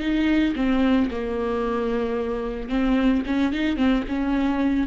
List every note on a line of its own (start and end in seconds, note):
0.00 0.54 D#4
0.56 1.10 C4
1.11 2.69 A#3
2.69 3.23 C4
3.26 3.53 C#4
3.53 3.77 D#4
3.77 4.04 C4
4.08 4.87 C#4